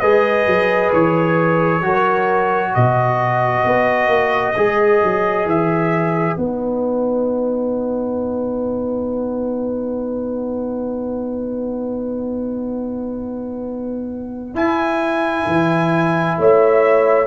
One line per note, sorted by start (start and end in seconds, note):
0.00 0.46 G#3
0.00 1.82 G#4
0.00 1.83 B4
0.00 0.91 D#5
0.46 0.92 F#3
0.93 1.83 E3
0.93 2.75 C#5
1.82 2.73 F#3
1.82 4.55 F#4
1.82 2.72 A#4
2.72 3.65 B2
2.72 16.36 B4
2.72 5.48 D#5
3.65 4.08 B3
4.08 4.54 A#3
4.57 5.03 G#3
4.57 6.38 G#4
5.04 5.46 F#3
5.46 6.37 E3
5.46 6.38 E5
6.38 14.55 B3
6.38 14.55 D#4
6.38 14.56 F#5
14.55 15.46 E4
14.55 17.27 E4
14.55 16.38 G#5
15.47 16.38 E3
16.38 17.27 A3
16.38 17.27 C#5
16.38 17.27 E5